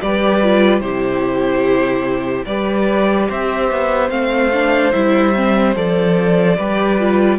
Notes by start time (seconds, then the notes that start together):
0.00 G3 G4 B4 D5
0.43 F4
0.79 C3 E4 G4 C5
2.45 G3 G4 B4 D5
3.28 C4 C5 E5
3.71 B3
4.09 A3 C4 F5
4.52 D4
4.92 G3 E4 E5
5.34 C4
5.75 F3 A4 D5
6.57 G3 G4 B4
6.99 F4